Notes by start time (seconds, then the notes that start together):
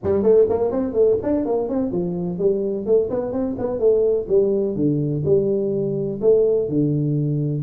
0.03 G3
0.22 A3
0.49 A#3
0.71 C4
0.93 A3
1.23 D4
1.45 A#3
1.69 C4
1.91 F3
2.38 G3
2.85 A3
3.10 B3
3.32 C4
3.58 B3
3.79 A3
4.28 G3
4.75 D3
5.25 G3
6.21 A3
6.68 D3